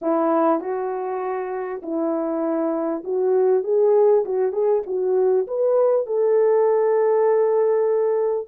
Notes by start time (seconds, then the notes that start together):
0.01 E4
0.60 F#4
1.82 E4
3.04 F#4
3.63 G#4
4.25 F#4
4.52 G#4
4.86 F#4
5.47 B4
6.06 A4